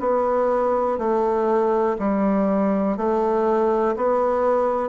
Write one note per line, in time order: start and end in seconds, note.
0.00 0.98 B3
0.98 1.97 A3
1.99 2.97 G3
2.97 3.96 A3
3.97 4.90 B3